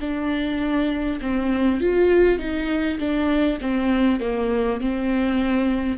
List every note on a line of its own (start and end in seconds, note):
0.00 1.20 D4
1.21 1.81 C4
1.81 2.38 F4
2.38 2.98 D#4
2.99 3.59 D4
3.61 4.21 C4
4.21 4.81 A#3
4.81 5.98 C4